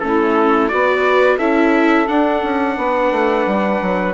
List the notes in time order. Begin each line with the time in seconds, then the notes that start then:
0.00 A3 C#4 E4 A4
0.68 B3 F#4 B4 D5
1.36 C#4 E4 A4 E5
2.08 D4 F#5
2.43 C#4
2.77 B3 B4
3.11 A3
3.47 G3
3.81 F#3